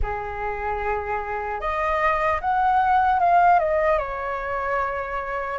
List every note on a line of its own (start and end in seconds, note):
0.02 1.60 G#4
1.60 2.40 D#5
2.40 3.19 F#5
3.19 3.59 F5
3.59 3.98 D#5
3.98 5.58 C#5